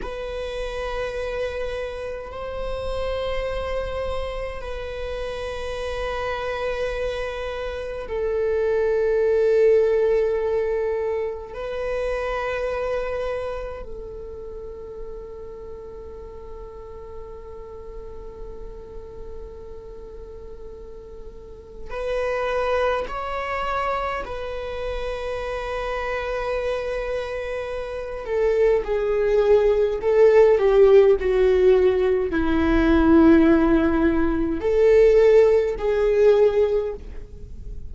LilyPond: \new Staff \with { instrumentName = "viola" } { \time 4/4 \tempo 4 = 52 b'2 c''2 | b'2. a'4~ | a'2 b'2 | a'1~ |
a'2. b'4 | cis''4 b'2.~ | b'8 a'8 gis'4 a'8 g'8 fis'4 | e'2 a'4 gis'4 | }